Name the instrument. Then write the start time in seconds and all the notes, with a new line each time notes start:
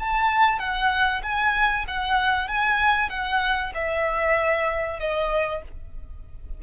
violin
0.00 A5
0.59 F#5
1.23 G#5
1.88 F#5
2.49 G#5
3.10 F#5
3.75 E5
5.00 D#5